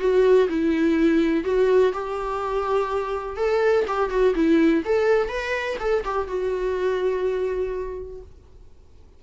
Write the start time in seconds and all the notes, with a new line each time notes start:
0.00 F#4
0.49 E4
1.45 F#4
1.93 G4
3.37 A4
3.88 G4
4.10 F#4
4.35 E4
4.85 A4
5.29 B4
5.80 A4
6.05 G4
6.28 F#4